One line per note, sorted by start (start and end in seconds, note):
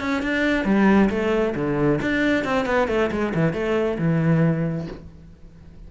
0.00 0.22 C#4
0.22 0.65 D4
0.65 1.09 G3
1.09 1.54 A3
1.55 2.00 D3
2.02 2.44 D4
2.44 2.65 C4
2.65 2.88 B3
2.88 3.10 A3
3.11 3.33 G#3
3.34 3.53 E3
3.53 3.98 A3
3.98 4.87 E3